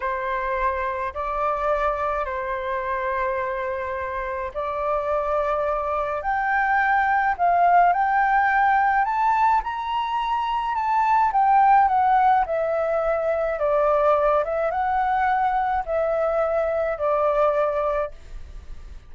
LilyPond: \new Staff \with { instrumentName = "flute" } { \time 4/4 \tempo 4 = 106 c''2 d''2 | c''1 | d''2. g''4~ | g''4 f''4 g''2 |
a''4 ais''2 a''4 | g''4 fis''4 e''2 | d''4. e''8 fis''2 | e''2 d''2 | }